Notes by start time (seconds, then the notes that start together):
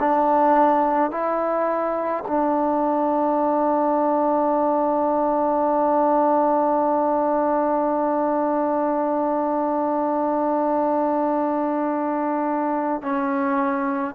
0.00 D4
1.11 E4
2.28 D4
13.02 C#4